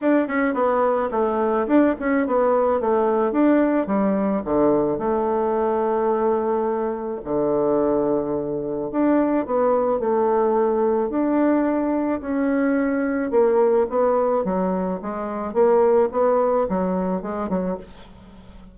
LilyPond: \new Staff \with { instrumentName = "bassoon" } { \time 4/4 \tempo 4 = 108 d'8 cis'8 b4 a4 d'8 cis'8 | b4 a4 d'4 g4 | d4 a2.~ | a4 d2. |
d'4 b4 a2 | d'2 cis'2 | ais4 b4 fis4 gis4 | ais4 b4 fis4 gis8 fis8 | }